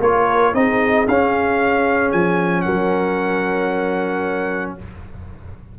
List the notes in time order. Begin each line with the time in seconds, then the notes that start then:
0.00 A#3 F4 A#4 C#5
0.53 C4 D#4 G#4 D#5
1.07 C#4 F5
2.12 F3 G#5
2.61 F#3 A#4 F#5